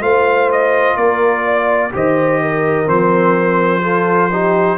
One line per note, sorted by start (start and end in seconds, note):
0.00 0.96 A3
0.00 1.90 F4
0.00 0.96 C5
0.00 0.50 F5
0.52 0.96 D#5
0.96 1.92 A#3
0.96 1.44 A#4
0.96 1.92 D5
1.44 1.92 D5
1.92 2.88 D#3
1.92 2.86 G4
1.92 2.42 C5
1.92 2.89 D#5
2.42 3.83 A#4
2.86 4.78 F3
2.86 3.81 C4
2.86 4.78 C5
3.82 4.29 F4
3.82 4.30 A4
4.31 4.78 D#4
4.31 4.78 G4